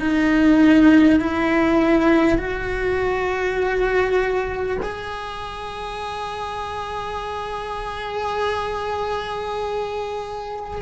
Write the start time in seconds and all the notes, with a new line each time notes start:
0.00 D#4
1.20 E4
2.38 F#4
4.83 G#4